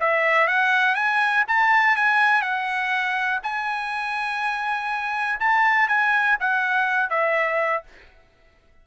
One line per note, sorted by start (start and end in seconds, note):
0.00 0.47 E5
0.47 0.95 F#5
0.95 1.44 G#5
1.48 1.96 A5
1.96 2.42 G#5
2.42 3.40 F#5
3.43 5.39 G#5
5.40 5.88 A5
5.88 6.37 G#5
6.40 7.10 F#5
7.10 7.84 E5